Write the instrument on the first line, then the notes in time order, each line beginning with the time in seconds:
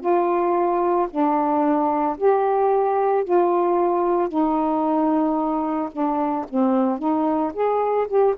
saxophone
0.00 F4
1.10 D4
2.17 G4
3.24 F4
4.29 D#4
5.92 D4
6.49 C4
6.98 D#4
7.53 G#4
8.07 G4